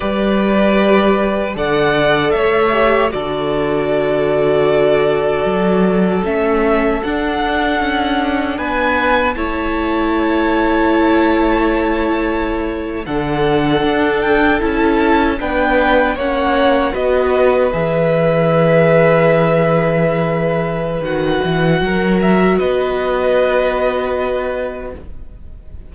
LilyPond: <<
  \new Staff \with { instrumentName = "violin" } { \time 4/4 \tempo 4 = 77 d''2 fis''4 e''4 | d''1 | e''4 fis''2 gis''4 | a''1~ |
a''8. fis''4. g''8 a''4 g''16~ | g''8. fis''4 dis''4 e''4~ e''16~ | e''2. fis''4~ | fis''8 e''8 dis''2. | }
  \new Staff \with { instrumentName = "violin" } { \time 4/4 b'2 d''4 cis''4 | a'1~ | a'2. b'4 | cis''1~ |
cis''8. a'2. b'16~ | b'8. cis''4 b'2~ b'16~ | b'1 | ais'4 b'2. | }
  \new Staff \with { instrumentName = "viola" } { \time 4/4 g'2 a'4. g'8 | fis'1 | cis'4 d'2. | e'1~ |
e'8. d'2 e'4 d'16~ | d'8. cis'4 fis'4 gis'4~ gis'16~ | gis'2. fis'4~ | fis'1 | }
  \new Staff \with { instrumentName = "cello" } { \time 4/4 g2 d4 a4 | d2. fis4 | a4 d'4 cis'4 b4 | a1~ |
a8. d4 d'4 cis'4 b16~ | b8. ais4 b4 e4~ e16~ | e2. dis8 e8 | fis4 b2. | }
>>